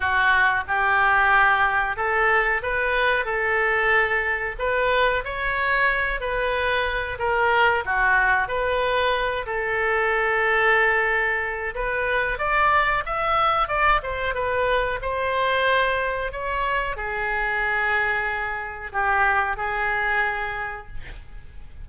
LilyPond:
\new Staff \with { instrumentName = "oboe" } { \time 4/4 \tempo 4 = 92 fis'4 g'2 a'4 | b'4 a'2 b'4 | cis''4. b'4. ais'4 | fis'4 b'4. a'4.~ |
a'2 b'4 d''4 | e''4 d''8 c''8 b'4 c''4~ | c''4 cis''4 gis'2~ | gis'4 g'4 gis'2 | }